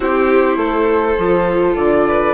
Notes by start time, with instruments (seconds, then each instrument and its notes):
0.00 bassoon C4, viola E4, violin G4, flute C5
0.56 bassoon A3, violin A4
1.18 bassoon F3, viola F4
1.75 bassoon D3, flute D5
2.08 violin B4